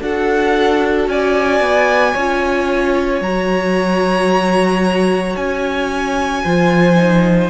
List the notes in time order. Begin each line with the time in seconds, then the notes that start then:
0.00 D4 F#4 A4 F#5
1.07 C#4 D5 G#5
1.60 B3
2.13 C#4 F4 C#5
3.21 F#3 F#4 A#5
5.36 C#4 G#5
6.44 F3 F4 C5
6.96 D#4